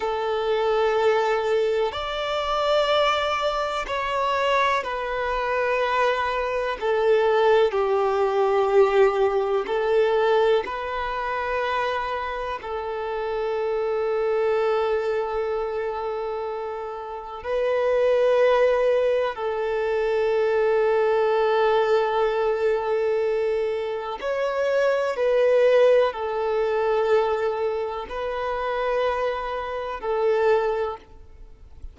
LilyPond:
\new Staff \with { instrumentName = "violin" } { \time 4/4 \tempo 4 = 62 a'2 d''2 | cis''4 b'2 a'4 | g'2 a'4 b'4~ | b'4 a'2.~ |
a'2 b'2 | a'1~ | a'4 cis''4 b'4 a'4~ | a'4 b'2 a'4 | }